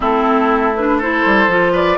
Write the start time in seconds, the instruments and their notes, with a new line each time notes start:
0.00 bassoon A3, clarinet C4, oboe E4, flute A4
0.75 clarinet D4, flute B4
0.97 clarinet E4, oboe A4, flute C5
1.25 bassoon G3
1.48 bassoon F3, clarinet F4
1.72 oboe B4, flute D5